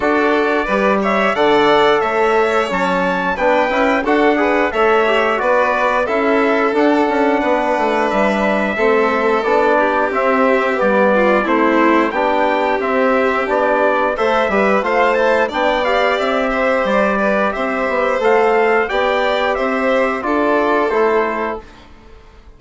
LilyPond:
<<
  \new Staff \with { instrumentName = "trumpet" } { \time 4/4 \tempo 4 = 89 d''4. e''8 fis''4 e''4 | a''4 g''4 fis''4 e''4 | d''4 e''4 fis''2 | e''2 d''4 e''4 |
d''4 c''4 g''4 e''4 | d''4 e''4 f''8 a''8 g''8 f''8 | e''4 d''4 e''4 f''4 | g''4 e''4 d''4 c''4 | }
  \new Staff \with { instrumentName = "violin" } { \time 4/4 a'4 b'8 cis''8 d''4 cis''4~ | cis''4 b'4 a'8 b'8 cis''4 | b'4 a'2 b'4~ | b'4 a'4. g'4.~ |
g'8 f'8 e'4 g'2~ | g'4 c''8 b'8 c''4 d''4~ | d''8 c''4 b'8 c''2 | d''4 c''4 a'2 | }
  \new Staff \with { instrumentName = "trombone" } { \time 4/4 fis'4 g'4 a'2 | cis'4 d'8 e'8 fis'8 gis'8 a'8 g'8 | fis'4 e'4 d'2~ | d'4 c'4 d'4 c'4 |
b4 c'4 d'4 c'4 | d'4 a'8 g'8 f'8 e'8 d'8 g'8~ | g'2. a'4 | g'2 f'4 e'4 | }
  \new Staff \with { instrumentName = "bassoon" } { \time 4/4 d'4 g4 d4 a4 | fis4 b8 cis'8 d'4 a4 | b4 cis'4 d'8 cis'8 b8 a8 | g4 a4 b4 c'4 |
g4 a4 b4 c'4 | b4 a8 g8 a4 b4 | c'4 g4 c'8 b8 a4 | b4 c'4 d'4 a4 | }
>>